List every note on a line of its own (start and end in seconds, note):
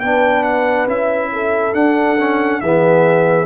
0.00 0.87 B3
0.00 0.87 D4
0.00 1.31 B4
0.00 0.43 G5
0.43 0.87 F#5
0.87 1.74 C#4
0.87 1.73 E4
0.87 1.74 E5
1.32 2.62 A4
1.73 2.17 D4
1.73 2.61 D4
1.73 2.60 F#5
2.19 2.62 C#4
2.60 3.45 E3
2.60 3.45 B3
2.60 3.45 G#4
2.60 3.45 E5